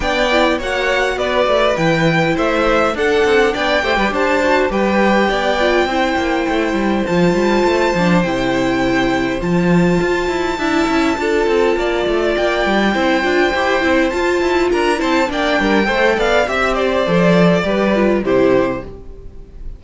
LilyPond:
<<
  \new Staff \with { instrumentName = "violin" } { \time 4/4 \tempo 4 = 102 g''4 fis''4 d''4 g''4 | e''4 fis''4 g''4 a''4 | g''1 | a''2 g''2 |
a''1~ | a''4 g''2. | a''4 ais''8 a''8 g''4. f''8 | e''8 d''2~ d''8 c''4 | }
  \new Staff \with { instrumentName = "violin" } { \time 4/4 d''4 cis''4 b'2 | c''4 a'4 d''8 c''16 b'16 c''4 | b'4 d''4 c''2~ | c''1~ |
c''2 e''4 a'4 | d''2 c''2~ | c''4 ais'8 c''8 d''8 ais'8 c''8 d''8 | e''8 c''4. b'4 g'4 | }
  \new Staff \with { instrumentName = "viola" } { \time 4/4 d'8 e'8 fis'2 e'4~ | e'4 d'4. g'4 fis'8 | g'4. f'8 e'2 | f'4. d'8 e'2 |
f'2 e'4 f'4~ | f'2 e'8 f'8 g'8 e'8 | f'4. e'8 d'4 a'4 | g'4 a'4 g'8 f'8 e'4 | }
  \new Staff \with { instrumentName = "cello" } { \time 4/4 b4 ais4 b8 a8 e4 | a4 d'8 c'8 b8 a16 g16 d'4 | g4 b4 c'8 ais8 a8 g8 | f8 g8 a8 f8 c2 |
f4 f'8 e'8 d'8 cis'8 d'8 c'8 | ais8 a8 ais8 g8 c'8 d'8 e'8 c'8 | f'8 e'8 d'8 c'8 ais8 g8 a8 b8 | c'4 f4 g4 c4 | }
>>